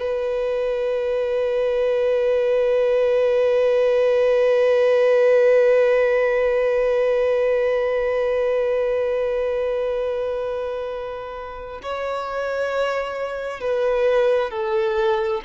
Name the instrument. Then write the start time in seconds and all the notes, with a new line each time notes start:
violin
0.00 B4
11.83 C#5
13.61 B4
14.51 A4